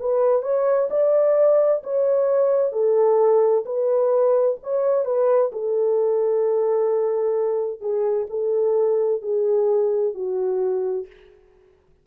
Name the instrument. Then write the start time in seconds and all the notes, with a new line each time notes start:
horn
0.00 B4
0.43 C#5
0.91 D5
1.84 C#5
2.72 A4
3.66 B4
4.63 C#5
5.05 B4
5.53 A4
7.81 G#4
8.30 A4
9.22 G#4
10.15 F#4